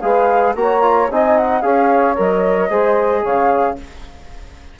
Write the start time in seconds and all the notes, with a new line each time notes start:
0.00 G#3 G#4 B4 F5
0.55 A#3 F#4 C#5 A#5
0.81 F4
1.11 C4 D#4 D#5 G#5
1.37 F#5
1.61 C#4 G#4 C#5 F5
2.15 F#3 A#4 D#5
2.69 G#3 G#4 C5
3.21 C#3 C#5 F5